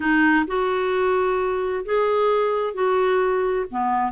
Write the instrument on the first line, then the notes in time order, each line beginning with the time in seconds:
clarinet
0.00 D#4
0.47 F#4
1.85 G#4
2.74 F#4
3.71 B3